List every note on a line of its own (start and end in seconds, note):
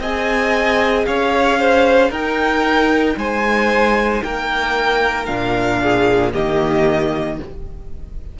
0.00 1.05 C4
0.00 2.14 G#4
0.00 1.06 D#5
0.00 1.06 G#5
1.06 2.10 C#4
1.06 1.59 C#5
1.06 2.11 F5
1.59 2.10 C5
2.10 3.16 D#4
2.10 5.27 D#4
2.10 3.16 A#4
2.10 3.18 G5
3.17 4.22 G#3
3.17 4.24 C5
3.17 4.23 G#5
4.23 5.29 A#3
4.23 5.82 A#4
4.23 5.26 G5
5.26 6.34 A#2
5.26 6.32 D4
5.26 6.31 F5
5.82 6.33 G#4
6.33 7.40 D#3
6.33 7.38 A#3
6.33 7.38 G4
6.33 7.39 D#5